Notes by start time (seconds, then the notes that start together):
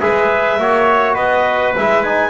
0.00 G#3 G#4 B4 E5
0.58 A#3 F#4 C#5
1.14 B3 B4 D#5
1.76 G#3 E4 E5
2.03 D#4 G#5